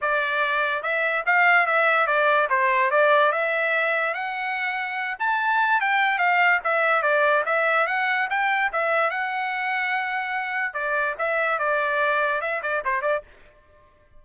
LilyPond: \new Staff \with { instrumentName = "trumpet" } { \time 4/4 \tempo 4 = 145 d''2 e''4 f''4 | e''4 d''4 c''4 d''4 | e''2 fis''2~ | fis''8 a''4. g''4 f''4 |
e''4 d''4 e''4 fis''4 | g''4 e''4 fis''2~ | fis''2 d''4 e''4 | d''2 e''8 d''8 c''8 d''8 | }